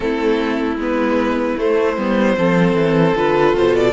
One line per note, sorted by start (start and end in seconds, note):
0.00 0.75 A3
0.00 0.77 C4
0.00 2.37 E4
0.00 0.76 A4
0.75 1.54 G#3
0.75 1.57 B3
0.75 1.59 B4
1.57 1.96 A3
1.57 1.97 A3
1.57 3.16 C5
1.96 2.36 G3
1.96 2.37 B3
2.37 2.74 F3
2.37 3.15 C4
2.37 3.93 A4
2.74 3.13 E3
3.14 3.53 D3
3.14 3.93 F4
3.14 3.56 B4
3.53 3.93 B2
3.53 3.75 C5
3.75 3.93 D5